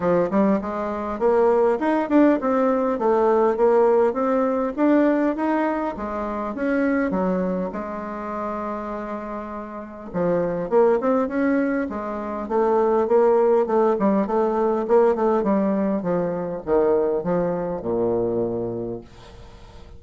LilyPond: \new Staff \with { instrumentName = "bassoon" } { \time 4/4 \tempo 4 = 101 f8 g8 gis4 ais4 dis'8 d'8 | c'4 a4 ais4 c'4 | d'4 dis'4 gis4 cis'4 | fis4 gis2.~ |
gis4 f4 ais8 c'8 cis'4 | gis4 a4 ais4 a8 g8 | a4 ais8 a8 g4 f4 | dis4 f4 ais,2 | }